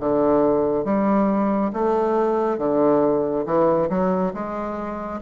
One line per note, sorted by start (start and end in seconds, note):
0.00 0.85 D3
0.85 1.72 G3
1.74 2.58 A3
2.58 3.45 D3
3.46 3.89 E3
3.90 4.33 F#3
4.34 5.21 G#3